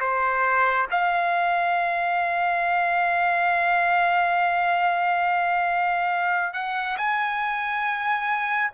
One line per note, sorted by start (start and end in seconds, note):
0.00 0.87 C5
0.91 6.53 F5
6.53 6.97 F#5
6.97 8.71 G#5